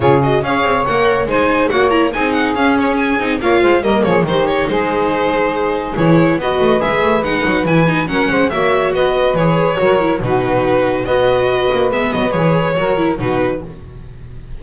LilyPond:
<<
  \new Staff \with { instrumentName = "violin" } { \time 4/4 \tempo 4 = 141 cis''8 dis''8 f''4 fis''4 gis''4 | fis''8 ais''8 gis''8 fis''8 f''8 cis''8 gis''4 | f''4 dis''8 cis''8 c''8 cis''8 c''4~ | c''2 cis''4 dis''4 |
e''4 fis''4 gis''4 fis''4 | e''4 dis''4 cis''2 | b'2 dis''2 | e''8 dis''8 cis''2 b'4 | }
  \new Staff \with { instrumentName = "saxophone" } { \time 4/4 gis'4 cis''2 c''4 | cis''4 gis'2. | cis''8 c''8 ais'8 gis'8 g'4 gis'4~ | gis'2. b'4~ |
b'2. ais'8 c''8 | cis''4 b'2 ais'4 | fis'2 b'2~ | b'2 ais'4 fis'4 | }
  \new Staff \with { instrumentName = "viola" } { \time 4/4 f'8 fis'8 gis'4 ais'4 dis'4 | fis'8 e'8 dis'4 cis'4. dis'8 | f'4 ais4 dis'2~ | dis'2 e'4 fis'4 |
gis'4 dis'4 e'8 dis'8 cis'4 | fis'2 gis'4 fis'8 e'8 | dis'2 fis'2 | b4 gis'4 fis'8 e'8 dis'4 | }
  \new Staff \with { instrumentName = "double bass" } { \time 4/4 cis4 cis'8 c'8 ais4 gis4 | ais4 c'4 cis'4. c'8 | ais8 gis8 g8 f8 dis4 gis4~ | gis2 e4 b8 a8 |
gis8 a8 gis8 fis8 e4 fis8 gis8 | ais4 b4 e4 fis4 | b,2 b4. ais8 | gis8 fis8 e4 fis4 b,4 | }
>>